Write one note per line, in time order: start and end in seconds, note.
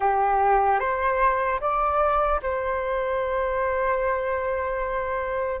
0.00 0.79 G4
0.79 1.59 C5
1.60 2.40 D5
2.42 5.60 C5